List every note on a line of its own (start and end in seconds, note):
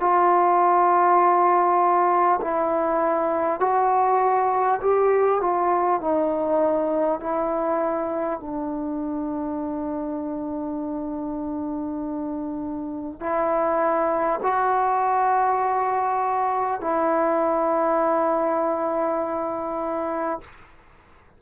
0.00 2.40 F4
2.41 3.61 E4
3.61 4.81 F#4
4.81 5.41 G4
5.41 6.01 F4
6.01 7.21 D#4
7.21 8.40 E4
8.40 13.20 D4
13.20 14.40 E4
14.43 16.81 F#4
16.81 20.41 E4